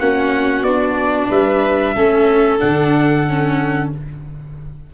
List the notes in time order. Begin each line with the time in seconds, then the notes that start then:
0.00 A#3 C#4 F#4 F#5
0.63 B3 D4 D5
1.30 G3 B4 E5
1.95 A3 C#4 A4
2.60 D3 D4 F#5
3.29 C#4